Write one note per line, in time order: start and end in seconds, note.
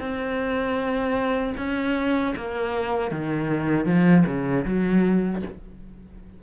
0.00 1.54 C4
1.58 2.35 C#4
2.36 3.12 A#3
3.12 3.86 D#3
3.86 4.24 F3
4.27 4.65 C#3
4.66 5.43 F#3